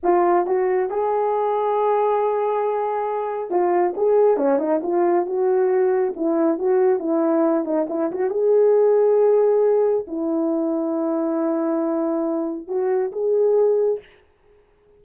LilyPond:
\new Staff \with { instrumentName = "horn" } { \time 4/4 \tempo 4 = 137 f'4 fis'4 gis'2~ | gis'1 | f'4 gis'4 cis'8 dis'8 f'4 | fis'2 e'4 fis'4 |
e'4. dis'8 e'8 fis'8 gis'4~ | gis'2. e'4~ | e'1~ | e'4 fis'4 gis'2 | }